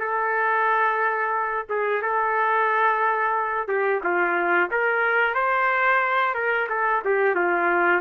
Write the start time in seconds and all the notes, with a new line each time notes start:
0.00 A4
1.69 G#4
2.02 A4
3.68 G4
4.04 F4
4.71 A#4
5.34 C5
6.34 A#4
6.69 A4
7.05 G4
7.35 F4